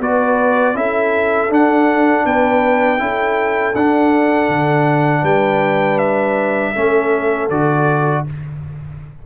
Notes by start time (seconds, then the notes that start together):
0.00 B3 F#4 B4 D5
0.75 C#4 E4 A4 E5
1.50 D4 F#5
2.25 B3 B4 G5
2.99 C#4 E4 A4
3.76 D4 F#5
4.49 D3
5.22 G3 B4 G5
5.99 E5
6.75 A3 C#4 A4
7.50 D3 F#4 D5